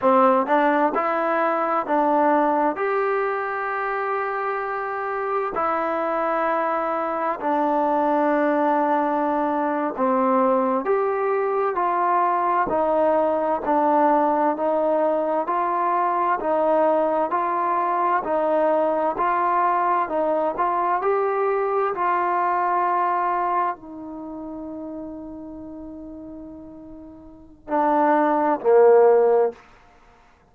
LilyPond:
\new Staff \with { instrumentName = "trombone" } { \time 4/4 \tempo 4 = 65 c'8 d'8 e'4 d'4 g'4~ | g'2 e'2 | d'2~ d'8. c'4 g'16~ | g'8. f'4 dis'4 d'4 dis'16~ |
dis'8. f'4 dis'4 f'4 dis'16~ | dis'8. f'4 dis'8 f'8 g'4 f'16~ | f'4.~ f'16 dis'2~ dis'16~ | dis'2 d'4 ais4 | }